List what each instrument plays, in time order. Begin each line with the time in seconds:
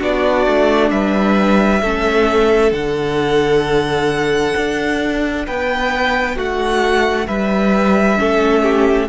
0.00 cello B3, viola D4, violin F#4 D5
0.47 cello A3
0.91 cello G3, violin B4 E5
1.82 cello A3, viola C#4, violin A4
2.72 cello D3, viola D4, violin F#5
4.57 cello D4
5.46 cello B3, violin B4 G5
6.36 cello A3, violin F#4 F#5
7.27 cello G3, violin B4 E5
8.18 cello A3, viola C#4, violin A4
8.63 violin G4